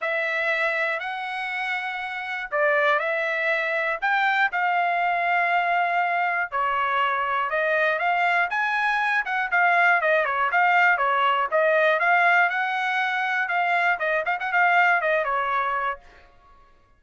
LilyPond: \new Staff \with { instrumentName = "trumpet" } { \time 4/4 \tempo 4 = 120 e''2 fis''2~ | fis''4 d''4 e''2 | g''4 f''2.~ | f''4 cis''2 dis''4 |
f''4 gis''4. fis''8 f''4 | dis''8 cis''8 f''4 cis''4 dis''4 | f''4 fis''2 f''4 | dis''8 f''16 fis''16 f''4 dis''8 cis''4. | }